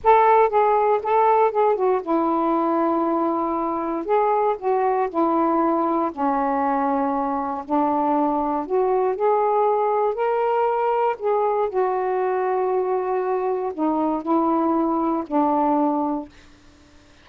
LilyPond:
\new Staff \with { instrumentName = "saxophone" } { \time 4/4 \tempo 4 = 118 a'4 gis'4 a'4 gis'8 fis'8 | e'1 | gis'4 fis'4 e'2 | cis'2. d'4~ |
d'4 fis'4 gis'2 | ais'2 gis'4 fis'4~ | fis'2. dis'4 | e'2 d'2 | }